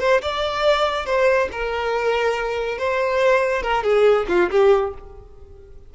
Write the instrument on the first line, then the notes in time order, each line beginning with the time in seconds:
violin
0.00 C5
0.22 D5
1.06 C5
1.52 A#4
2.78 C5
3.63 A#4
3.83 G#4
4.28 F4
4.51 G4